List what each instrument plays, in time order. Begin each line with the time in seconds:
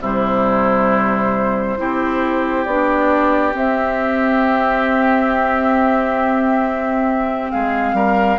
0.00 bassoon C3, clarinet G3, oboe E4, flute C5
1.78 bassoon C4, clarinet E4, oboe G4
2.65 bassoon B3, clarinet D4, flute D5
3.53 clarinet C4, bassoon C4, flute E5
7.51 bassoon G#3, oboe G#4, flute F5
7.93 bassoon G3, oboe A#4